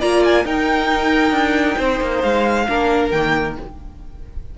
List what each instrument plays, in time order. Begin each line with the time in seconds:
0.00 cello A#3, viola F4, violin D5 A#5
0.25 violin G#5
0.45 viola D#4, cello D#4, violin A#4 G5
1.32 cello D4
1.77 cello C4, violin C5
2.02 cello A#3
2.22 cello G#3, violin F5
2.69 cello A#3, viola D4, violin A#4
3.11 cello D#3, viola A#3, violin G5